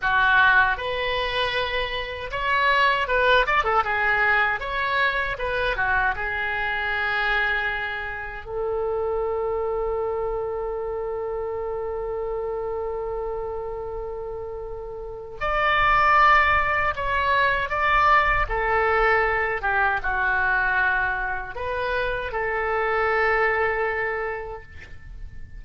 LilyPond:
\new Staff \with { instrumentName = "oboe" } { \time 4/4 \tempo 4 = 78 fis'4 b'2 cis''4 | b'8 d''16 a'16 gis'4 cis''4 b'8 fis'8 | gis'2. a'4~ | a'1~ |
a'1 | d''2 cis''4 d''4 | a'4. g'8 fis'2 | b'4 a'2. | }